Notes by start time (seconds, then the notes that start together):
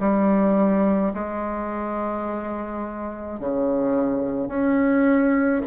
0.00 G3
1.14 G#3
3.40 C#3
4.48 C#4